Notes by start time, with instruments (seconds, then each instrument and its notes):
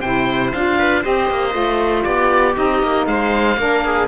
0.00 cello C3, saxophone E4, viola C5, oboe G5
0.53 cello D4, saxophone F4, oboe F5
0.78 viola B4
1.01 cello C4, saxophone G4, viola C5, oboe D#5
1.30 cello A#3
1.50 cello A3, saxophone F4
2.03 cello B3, viola G4, oboe D5
2.54 cello C4, saxophone D#4, oboe D#5
2.82 cello A#3
3.06 cello G#3, viola C5, oboe F5
3.57 cello A#3, saxophone D4, viola A#4
3.84 viola G#4